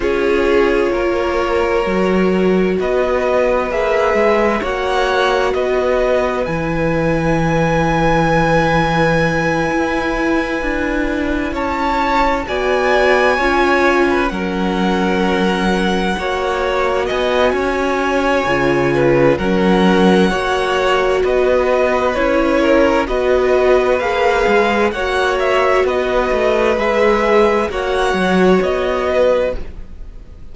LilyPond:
<<
  \new Staff \with { instrumentName = "violin" } { \time 4/4 \tempo 4 = 65 cis''2. dis''4 | e''4 fis''4 dis''4 gis''4~ | gis''1~ | gis''8 a''4 gis''2 fis''8~ |
fis''2~ fis''8 gis''4.~ | gis''4 fis''2 dis''4 | cis''4 dis''4 f''4 fis''8 e''8 | dis''4 e''4 fis''4 dis''4 | }
  \new Staff \with { instrumentName = "violin" } { \time 4/4 gis'4 ais'2 b'4~ | b'4 cis''4 b'2~ | b'1~ | b'8 cis''4 d''4 cis''8. b'16 ais'8~ |
ais'4. cis''4 dis''8 cis''4~ | cis''8 b'8 ais'4 cis''4 b'4~ | b'8 ais'8 b'2 cis''4 | b'2 cis''4. b'8 | }
  \new Staff \with { instrumentName = "viola" } { \time 4/4 f'2 fis'2 | gis'4 fis'2 e'4~ | e'1~ | e'4. fis'4 f'4 cis'8~ |
cis'4. fis'2~ fis'8 | f'4 cis'4 fis'2 | e'4 fis'4 gis'4 fis'4~ | fis'4 gis'4 fis'2 | }
  \new Staff \with { instrumentName = "cello" } { \time 4/4 cis'4 ais4 fis4 b4 | ais8 gis8 ais4 b4 e4~ | e2~ e8 e'4 d'8~ | d'8 cis'4 b4 cis'4 fis8~ |
fis4. ais4 b8 cis'4 | cis4 fis4 ais4 b4 | cis'4 b4 ais8 gis8 ais4 | b8 a8 gis4 ais8 fis8 b4 | }
>>